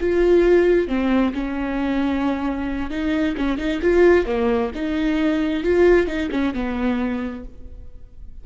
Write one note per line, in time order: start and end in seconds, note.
0.00 0.88 F4
0.88 1.33 C4
1.33 2.90 C#4
2.90 3.35 D#4
3.37 3.58 C#4
3.58 3.80 D#4
3.82 4.26 F4
4.26 4.71 A#3
4.74 5.63 D#4
5.63 6.07 F4
6.07 6.29 D#4
6.31 6.54 C#4
6.54 7.44 B3